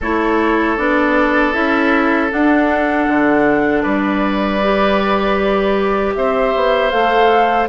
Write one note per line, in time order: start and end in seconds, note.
0.00 0.78 A3
0.00 0.77 E4
0.00 3.82 A4
0.00 0.76 C#5
0.76 1.54 B3
0.76 1.53 D4
0.76 1.53 D5
1.53 2.31 C#4
1.53 2.30 E4
1.53 2.30 E5
2.30 4.61 D4
2.30 3.07 D4
2.30 3.82 F#5
3.07 3.84 D3
3.82 6.15 G3
3.82 6.13 B4
3.82 6.13 D5
4.63 6.92 G4
6.14 6.54 C4
6.14 7.68 C5
6.14 6.90 E5
6.55 6.92 B3
6.90 7.68 A3
6.90 7.68 A4
6.90 7.67 F5